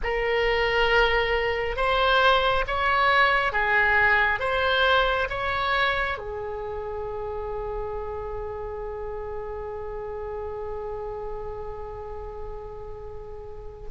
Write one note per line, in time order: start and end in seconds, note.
0.03 1.76 A#4
1.76 2.64 C5
2.67 3.52 C#5
3.52 4.39 G#4
4.39 5.27 C5
5.29 6.18 C#5
6.18 13.90 G#4